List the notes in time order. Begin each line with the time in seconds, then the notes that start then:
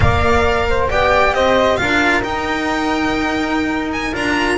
0.00 A#3 A#4 D5 F5
0.68 C5
0.88 B3 G4 D5 G5
1.33 C4 C5 D#5
1.76 D4 F4 A#4 F5
2.23 D#4 G5
3.92 G#5
4.12 D4 F4 A#5